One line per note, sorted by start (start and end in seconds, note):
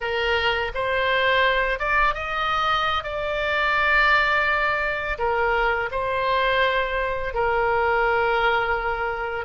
0.00 0.72 A#4
0.74 1.79 C5
1.79 2.14 D5
2.14 3.03 D#5
3.03 5.18 D5
5.18 5.89 A#4
5.91 7.34 C5
7.34 9.45 A#4